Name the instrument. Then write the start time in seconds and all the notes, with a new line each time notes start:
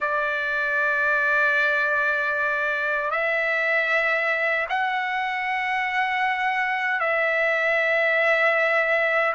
trumpet
0.00 D5
3.10 E5
4.69 F#5
7.00 E5